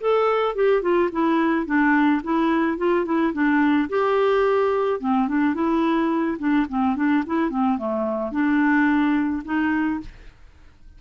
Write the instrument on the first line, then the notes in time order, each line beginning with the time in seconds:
clarinet
0.00 A4
0.55 G4
0.82 F4
1.12 E4
1.66 D4
2.23 E4
2.77 F4
3.05 E4
3.33 D4
3.89 G4
5.00 C4
5.28 D4
5.54 E4
6.38 D4
6.69 C4
6.96 D4
7.26 E4
7.50 C4
7.78 A3
8.31 D4
9.44 D#4